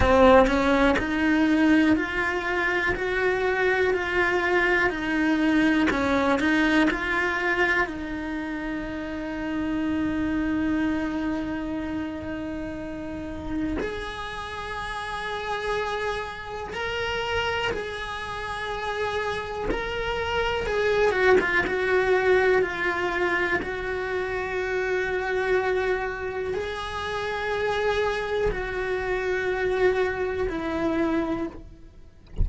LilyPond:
\new Staff \with { instrumentName = "cello" } { \time 4/4 \tempo 4 = 61 c'8 cis'8 dis'4 f'4 fis'4 | f'4 dis'4 cis'8 dis'8 f'4 | dis'1~ | dis'2 gis'2~ |
gis'4 ais'4 gis'2 | ais'4 gis'8 fis'16 f'16 fis'4 f'4 | fis'2. gis'4~ | gis'4 fis'2 e'4 | }